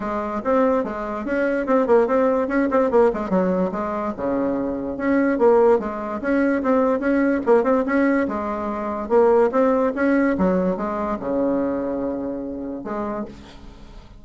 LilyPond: \new Staff \with { instrumentName = "bassoon" } { \time 4/4 \tempo 4 = 145 gis4 c'4 gis4 cis'4 | c'8 ais8 c'4 cis'8 c'8 ais8 gis8 | fis4 gis4 cis2 | cis'4 ais4 gis4 cis'4 |
c'4 cis'4 ais8 c'8 cis'4 | gis2 ais4 c'4 | cis'4 fis4 gis4 cis4~ | cis2. gis4 | }